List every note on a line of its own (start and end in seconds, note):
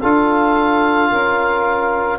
0.00 1.12 D4
0.00 2.19 F4
0.00 1.09 A4
0.00 2.19 F5
1.10 2.19 C#4
1.10 2.19 A#4